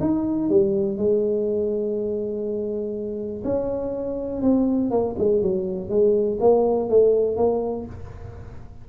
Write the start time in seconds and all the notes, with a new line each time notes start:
0.00 D#4
0.49 G3
0.97 G#3
3.44 C#4
4.41 C4
4.90 A#3
5.18 G#3
5.41 F#3
5.89 G#3
6.40 A#3
6.89 A3
7.36 A#3